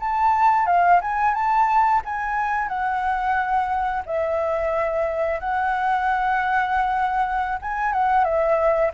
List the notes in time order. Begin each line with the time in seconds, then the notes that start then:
0.00 A5
0.66 F5
1.02 G#5
1.34 A5
2.05 G#5
2.68 F#5
4.06 E5
5.40 F#5
7.62 G#5
7.93 F#5
8.24 E5